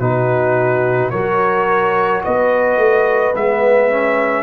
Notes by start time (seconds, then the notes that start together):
0.00 B2 D#4 F#4 B4
1.10 F#3 F#4 A#4 C#5
2.24 B3 B4 D#5
2.77 A3
3.35 G#3 B3 E5
3.91 C#4